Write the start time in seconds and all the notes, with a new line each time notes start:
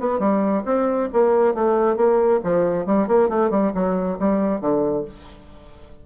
0.00 B3
0.20 G3
0.65 C4
1.13 A#3
1.54 A3
1.96 A#3
2.44 F3
2.86 G3
3.08 A#3
3.29 A3
3.51 G3
3.75 F#3
4.19 G3
4.61 D3